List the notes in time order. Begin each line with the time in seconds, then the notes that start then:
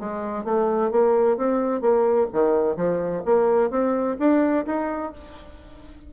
0.00 G#3
0.45 A3
0.91 A#3
1.37 C4
1.81 A#3
2.33 D#3
2.77 F3
3.26 A#3
3.71 C4
4.19 D4
4.66 D#4